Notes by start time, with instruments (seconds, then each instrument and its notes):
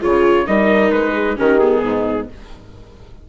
0.00 bassoon C#3, viola F4, horn G#4, trumpet C#5
0.46 bassoon G3, viola D#4, horn A#4, trumpet D#5
0.91 bassoon G#3, trumpet B4
1.13 horn G#4
1.36 bassoon D#3, viola C#4, horn G4, trumpet A#4
1.59 viola B3, trumpet G#4
1.82 bassoon G#2, horn D#4